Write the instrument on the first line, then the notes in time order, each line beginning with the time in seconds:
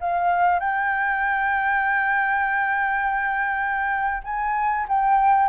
flute
0.00 F5
0.59 G5
4.23 G#5
4.88 G5